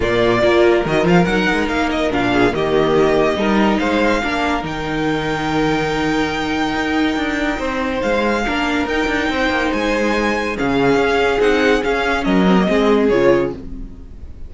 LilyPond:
<<
  \new Staff \with { instrumentName = "violin" } { \time 4/4 \tempo 4 = 142 d''2 dis''8 f''8 fis''4 | f''8 dis''8 f''4 dis''2~ | dis''4 f''2 g''4~ | g''1~ |
g''2. f''4~ | f''4 g''2 gis''4~ | gis''4 f''2 fis''4 | f''4 dis''2 cis''4 | }
  \new Staff \with { instrumentName = "violin" } { \time 4/4 f'4 ais'2.~ | ais'4. gis'8 g'2 | ais'4 c''4 ais'2~ | ais'1~ |
ais'2 c''2 | ais'2 c''2~ | c''4 gis'2.~ | gis'4 ais'4 gis'2 | }
  \new Staff \with { instrumentName = "viola" } { \time 4/4 ais4 f'4 fis'8 f'8 dis'4~ | dis'4 d'4 ais2 | dis'2 d'4 dis'4~ | dis'1~ |
dis'1 | d'4 dis'2.~ | dis'4 cis'2 dis'4 | cis'4. c'16 ais16 c'4 f'4 | }
  \new Staff \with { instrumentName = "cello" } { \time 4/4 ais,4 ais4 dis8 f8 fis8 gis8 | ais4 ais,4 dis2 | g4 gis4 ais4 dis4~ | dis1 |
dis'4 d'4 c'4 gis4 | ais4 dis'8 d'8 c'8 ais8 gis4~ | gis4 cis4 cis'4 c'4 | cis'4 fis4 gis4 cis4 | }
>>